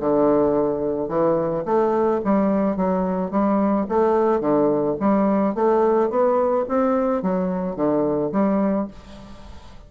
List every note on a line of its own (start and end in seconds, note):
0.00 1.08 D3
1.08 1.64 E3
1.65 2.21 A3
2.24 2.77 G3
2.77 3.31 F#3
3.31 3.86 G3
3.89 4.40 A3
4.40 4.96 D3
5.00 5.55 G3
5.55 6.10 A3
6.10 6.65 B3
6.68 7.22 C4
7.22 7.76 F#3
7.76 8.32 D3
8.32 8.88 G3